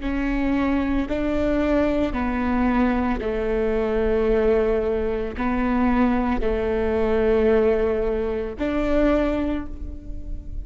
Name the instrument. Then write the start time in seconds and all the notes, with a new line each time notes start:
viola
0.00 C#4
1.09 D4
2.13 B3
3.20 A3
5.37 B3
6.41 A3
8.59 D4